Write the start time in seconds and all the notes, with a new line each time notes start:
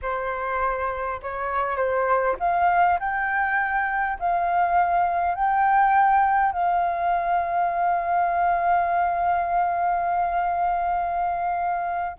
0.02 C5
1.22 C#5
1.76 C5
2.39 F5
2.99 G5
4.19 F5
5.34 G5
6.52 F5